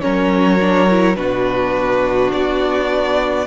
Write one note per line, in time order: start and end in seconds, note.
0.00 1.16 F#3
0.00 0.58 C#4
0.00 1.17 A#4
0.00 1.15 C#5
0.60 0.88 D4
0.89 1.15 E4
1.15 2.31 B2
1.15 3.46 D4
1.15 3.47 F#4
1.15 2.31 B4
2.32 3.47 B3
2.32 3.47 D5